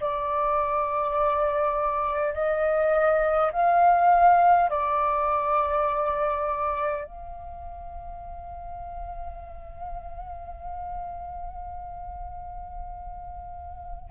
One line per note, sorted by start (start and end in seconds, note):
0.00 2.34 D5
2.34 3.51 D#5
3.52 4.70 F5
4.70 7.04 D5
7.04 14.10 F5